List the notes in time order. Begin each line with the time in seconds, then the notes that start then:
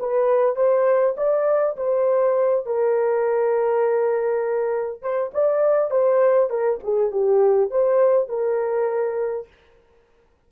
0.00 B4
0.56 C5
1.17 D5
1.77 C5
2.66 A#4
5.02 C5
5.34 D5
5.91 C5
6.50 A#4
6.83 G#4
7.12 G4
7.71 C5
8.29 A#4